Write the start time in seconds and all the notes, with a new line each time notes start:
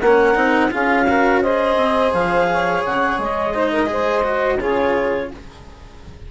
0.00 A#3 A#4 F#5
0.06 C#4
0.35 C4 D#4
0.71 C#4 F4 G#4 F5
1.08 F#4 A#4
1.42 G#4 C5 D#5
1.77 C4
2.14 F3 F5
2.52 C#5
2.86 C#3 F#5
3.18 G#3 D#5
3.54 D#4 C5
3.71 A#4
3.87 G#4 C5
4.24 F#4
4.59 C#3 F4 G#4 C#5